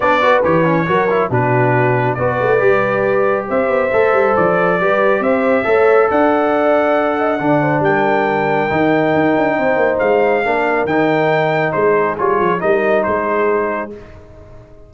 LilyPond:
<<
  \new Staff \with { instrumentName = "trumpet" } { \time 4/4 \tempo 4 = 138 d''4 cis''2 b'4~ | b'4 d''2. | e''2 d''2 | e''2 fis''2~ |
fis''2 g''2~ | g''2. f''4~ | f''4 g''2 c''4 | cis''4 dis''4 c''2 | }
  \new Staff \with { instrumentName = "horn" } { \time 4/4 cis''8 b'4. ais'4 fis'4~ | fis'4 b'2. | c''2. b'4 | c''4 cis''4 d''2~ |
d''8 dis''8 d''8 c''8 ais'2~ | ais'2 c''2 | ais'2. gis'4~ | gis'4 ais'4 gis'2 | }
  \new Staff \with { instrumentName = "trombone" } { \time 4/4 d'8 fis'8 g'8 cis'8 fis'8 e'8 d'4~ | d'4 fis'4 g'2~ | g'4 a'2 g'4~ | g'4 a'2.~ |
a'4 d'2. | dis'1 | d'4 dis'2. | f'4 dis'2. | }
  \new Staff \with { instrumentName = "tuba" } { \time 4/4 b4 e4 fis4 b,4~ | b,4 b8 a8 g2 | c'8 b8 a8 g8 f4 g4 | c'4 a4 d'2~ |
d'4 d4 g2 | dis4 dis'8 d'8 c'8 ais8 gis4 | ais4 dis2 gis4 | g8 f8 g4 gis2 | }
>>